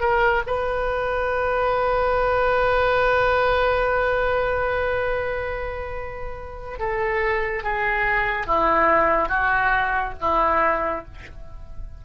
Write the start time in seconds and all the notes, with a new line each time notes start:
0.00 A#4
0.46 B4
6.79 A4
7.63 G#4
8.46 E4
9.28 F#4
10.20 E4